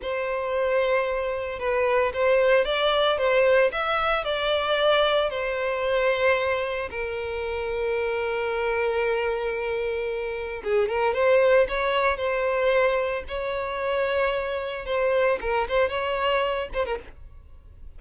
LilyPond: \new Staff \with { instrumentName = "violin" } { \time 4/4 \tempo 4 = 113 c''2. b'4 | c''4 d''4 c''4 e''4 | d''2 c''2~ | c''4 ais'2.~ |
ais'1 | gis'8 ais'8 c''4 cis''4 c''4~ | c''4 cis''2. | c''4 ais'8 c''8 cis''4. c''16 ais'16 | }